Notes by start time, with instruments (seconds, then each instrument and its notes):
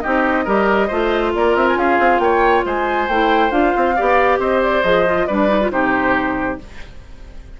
0.00 bassoon C4, clarinet D#4, oboe G4, flute D#5
0.44 bassoon G3, clarinet G4, oboe A#4
0.87 bassoon A3, clarinet F4, oboe C5
1.34 bassoon A#3, oboe A#4, flute D5
1.56 bassoon C4, flute E5
1.67 flute G#5
1.76 bassoon C#4, oboe G#4, flute F5
1.99 bassoon C4
2.19 bassoon A#3, oboe C#5, flute G5
2.65 bassoon G#3, oboe C5, flute G#5
3.08 bassoon A3, clarinet E4, flute G5
3.50 bassoon D4, clarinet F4, flute F5
3.76 bassoon C4
3.96 bassoon B3, clarinet G4, oboe D5
4.39 bassoon C4, oboe C5, flute D#5
4.63 flute D5
4.83 bassoon F3, clarinet G#4, flute D#5
5.06 clarinet F4
5.26 bassoon G3, clarinet D4, oboe B4, flute D5
5.48 clarinet D#4
5.61 clarinet F4
5.71 bassoon C3, clarinet D#4, oboe G4, flute C5